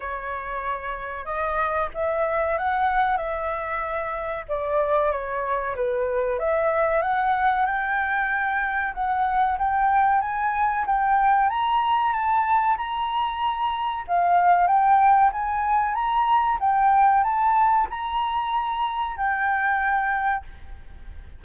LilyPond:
\new Staff \with { instrumentName = "flute" } { \time 4/4 \tempo 4 = 94 cis''2 dis''4 e''4 | fis''4 e''2 d''4 | cis''4 b'4 e''4 fis''4 | g''2 fis''4 g''4 |
gis''4 g''4 ais''4 a''4 | ais''2 f''4 g''4 | gis''4 ais''4 g''4 a''4 | ais''2 g''2 | }